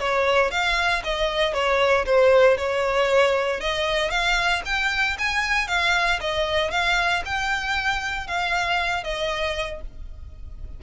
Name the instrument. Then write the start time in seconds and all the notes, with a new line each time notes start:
violin
0.00 C#5
0.51 F5
1.04 D#5
1.54 C#5
2.06 C5
2.57 C#5
3.61 D#5
4.11 F5
4.66 G5
5.18 G#5
5.68 F5
6.21 D#5
6.71 F5
7.25 G5
8.28 F5
9.04 D#5